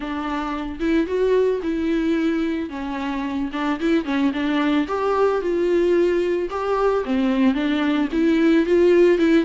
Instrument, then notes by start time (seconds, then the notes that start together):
viola
0.00 D4
0.79 E4
1.06 F#4
1.62 E4
2.69 C#4
3.52 D4
3.80 E4
4.04 C#4
4.33 D4
4.87 G4
5.41 F4
6.50 G4
7.04 C4
7.54 D4
8.12 E4
8.65 F4
9.18 E4